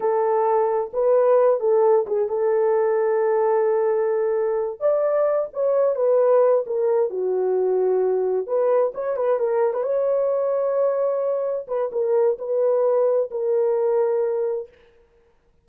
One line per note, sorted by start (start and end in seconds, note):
0.00 0.91 A4
0.93 1.59 B4
1.59 2.05 A4
2.06 2.28 G#4
2.28 4.79 A4
4.79 5.48 D5
5.53 5.95 C#5
5.95 6.64 B4
6.66 7.10 A#4
7.10 8.46 F#4
8.46 8.92 B4
8.94 9.16 C#5
9.16 9.39 B4
9.39 9.73 A#4
9.73 9.83 B4
9.83 11.66 C#5
11.67 11.90 B4
11.92 12.37 A#4
12.38 13.29 B4
13.31 14.68 A#4